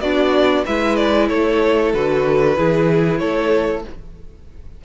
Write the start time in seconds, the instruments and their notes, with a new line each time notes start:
0.00 cello B3, violin D4 D5, viola F#4
0.65 cello G#3, viola E4, violin B4 E5
0.96 violin D5
1.28 cello A3, violin A4 C#5
1.93 cello D3, viola F#4, violin B4
2.56 cello E3, viola E4, violin G#4
3.18 cello A3, violin A4 C#5